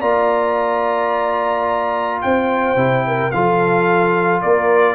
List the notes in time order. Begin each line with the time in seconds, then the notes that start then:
0.00 A#3 F4 D5 A#5
2.22 C4 C5 G5
2.76 C3 E4
3.07 A#4
3.31 F3 F4 A4 F5
4.42 A#3 A#4 D5